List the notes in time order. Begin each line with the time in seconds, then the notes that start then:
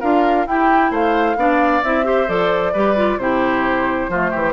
0.00 D4 F4 A#4 F5
0.46 E4 G4 G5
0.90 A3 C5 F5
1.36 B3 D4 D5
1.83 C4 E4 E5
2.04 G4 C5
2.27 F3 A4 D5
2.73 G3 G4 B4
2.96 F4
3.17 C3 E4 G4 C5
4.08 F3 A3 F4
4.30 E3 G4